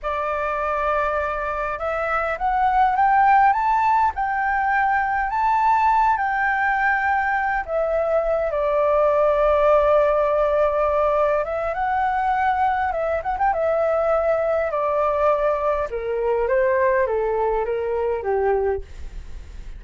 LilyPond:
\new Staff \with { instrumentName = "flute" } { \time 4/4 \tempo 4 = 102 d''2. e''4 | fis''4 g''4 a''4 g''4~ | g''4 a''4. g''4.~ | g''4 e''4. d''4.~ |
d''2.~ d''8 e''8 | fis''2 e''8 fis''16 g''16 e''4~ | e''4 d''2 ais'4 | c''4 a'4 ais'4 g'4 | }